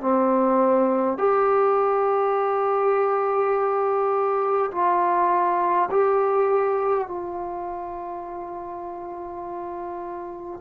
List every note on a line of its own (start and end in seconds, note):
0.00 1.18 C4
1.18 4.71 G4
4.71 5.89 F4
5.91 7.07 G4
7.07 10.60 F4